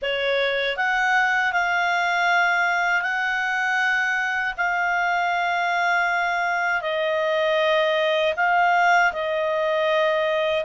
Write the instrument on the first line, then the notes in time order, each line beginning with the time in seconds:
clarinet
0.02 C#5
0.76 F#5
1.52 F5
3.02 F#5
4.57 F5
6.81 D#5
8.36 F5
9.12 D#5